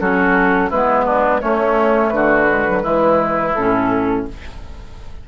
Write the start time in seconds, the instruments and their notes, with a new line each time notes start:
0.00 bassoon F#3, clarinet C#4, oboe F#4, flute A4
0.70 bassoon G#3, clarinet B3, oboe E4, flute B4
1.05 oboe D4
1.41 clarinet A3, bassoon A3, oboe C#4, flute C#5
2.10 bassoon D3, flute B4
2.16 oboe F#4
2.47 clarinet G#3
2.68 clarinet F#3
2.82 bassoon E3, clarinet G#3, oboe E4
3.55 bassoon A2, clarinet C#4, flute A4